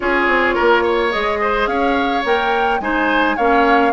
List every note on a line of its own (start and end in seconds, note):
0.00 0.27 C#4
0.00 1.11 F4
0.00 0.55 G#4
0.00 1.11 C#5
0.27 0.55 C4
0.55 1.14 A#3
0.55 0.82 A#4
0.82 1.39 C#5
1.11 1.66 G#3
1.11 2.23 G#4
1.11 1.67 D#5
1.41 1.68 C5
1.66 2.22 C#4
1.66 2.80 C#5
1.66 2.23 F5
2.24 2.80 A#3
2.24 2.80 A#4
2.24 2.80 G5
2.80 3.36 G#3
2.80 3.36 D#4
2.80 3.36 C5
2.80 3.36 G#5
3.36 3.92 A#3
3.36 3.92 C#4
3.36 3.92 C#5
3.36 3.92 F5